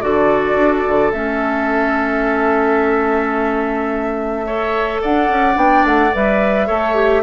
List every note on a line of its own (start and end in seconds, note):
0.00 0.55 D3
0.00 1.12 F#4
0.00 4.45 A4
0.00 1.11 D5
0.55 0.83 D4
0.87 1.12 D3
1.12 5.01 A3
1.12 4.45 C#4
1.12 5.00 E5
4.45 5.54 A4
4.45 5.01 C#5
5.01 5.29 D4
5.01 6.67 D5
5.01 5.57 F#5
5.29 5.56 C#4
5.54 5.83 B3
5.54 6.10 D4
5.54 5.85 G5
5.84 6.12 A3
5.84 6.14 F#5
6.13 6.69 G3
6.13 6.67 B4
6.13 7.22 E5
6.67 7.22 A3
6.67 6.94 A4
6.67 7.22 C#5
6.94 7.22 G4